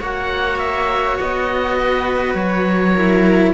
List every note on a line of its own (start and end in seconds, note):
0.00 1.19 A#3
0.00 2.95 F#4
0.00 1.76 C#5
0.00 0.59 F#5
0.59 1.17 E5
1.20 2.35 B3
1.20 2.34 D#5
1.79 2.95 B4
2.34 3.52 F#3
2.34 3.52 C#5
2.95 3.54 E4
2.95 3.53 A#4